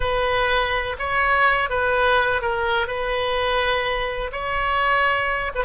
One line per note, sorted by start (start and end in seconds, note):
0.00 0.96 B4
0.98 1.69 C#5
1.69 2.41 B4
2.41 2.87 A#4
2.87 4.31 B4
4.32 5.52 C#5
5.54 5.64 B4